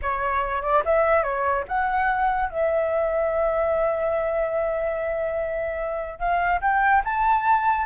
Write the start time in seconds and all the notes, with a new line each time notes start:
0.02 C#5
0.62 D5
0.85 E5
1.23 C#5
1.67 F#5
2.49 E5
6.19 F5
6.61 G5
7.04 A5